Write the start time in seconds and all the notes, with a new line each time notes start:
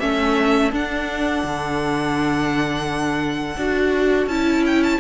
0.00 A3 C#4 A4 E5
0.72 D4 F#5
1.44 D3
3.57 D4 F#4
4.27 C#4 E4 A5
4.66 G5
4.83 A5